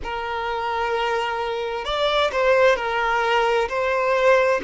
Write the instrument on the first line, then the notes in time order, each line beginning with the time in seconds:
violin
0.03 A#4
1.85 D5
2.32 C5
2.76 A#4
3.68 C5